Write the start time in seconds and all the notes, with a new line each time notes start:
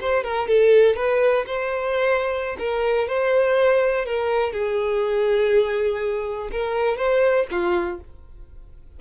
0.00 C5
0.23 A#4
0.47 A4
0.96 B4
1.46 C5
2.58 A#4
3.08 C5
4.06 A#4
4.52 G#4
6.51 A#4
6.97 C5
7.50 F4